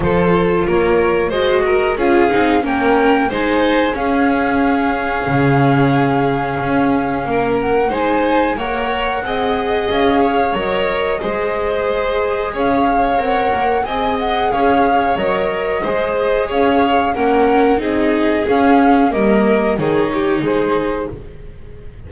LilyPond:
<<
  \new Staff \with { instrumentName = "flute" } { \time 4/4 \tempo 4 = 91 c''4 cis''4 dis''4 f''4 | g''4 gis''4 f''2~ | f''2.~ f''8 fis''8 | gis''4 fis''2 f''4 |
dis''2. f''4 | fis''4 gis''8 fis''8 f''4 dis''4~ | dis''4 f''4 fis''4 dis''4 | f''4 dis''4 cis''4 c''4 | }
  \new Staff \with { instrumentName = "violin" } { \time 4/4 a'4 ais'4 c''8 ais'8 gis'4 | ais'4 c''4 gis'2~ | gis'2. ais'4 | c''4 cis''4 dis''4. cis''8~ |
cis''4 c''2 cis''4~ | cis''4 dis''4 cis''2 | c''4 cis''4 ais'4 gis'4~ | gis'4 ais'4 gis'8 g'8 gis'4 | }
  \new Staff \with { instrumentName = "viola" } { \time 4/4 f'2 fis'4 f'8 dis'8 | cis'4 dis'4 cis'2~ | cis'1 | dis'4 ais'4 gis'2 |
ais'4 gis'2. | ais'4 gis'2 ais'4 | gis'2 cis'4 dis'4 | cis'4 ais4 dis'2 | }
  \new Staff \with { instrumentName = "double bass" } { \time 4/4 f4 ais4 gis4 cis'8 c'8 | ais4 gis4 cis'2 | cis2 cis'4 ais4 | gis4 ais4 c'4 cis'4 |
fis4 gis2 cis'4 | c'8 ais8 c'4 cis'4 fis4 | gis4 cis'4 ais4 c'4 | cis'4 g4 dis4 gis4 | }
>>